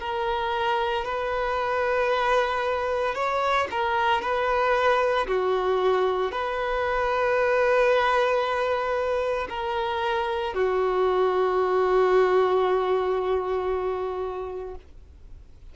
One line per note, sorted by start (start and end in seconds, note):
0.00 1.04 A#4
1.04 3.15 B4
3.15 3.67 C#5
3.70 4.22 A#4
4.22 5.27 B4
5.27 6.32 F#4
6.32 9.47 B4
9.49 10.54 A#4
10.54 14.75 F#4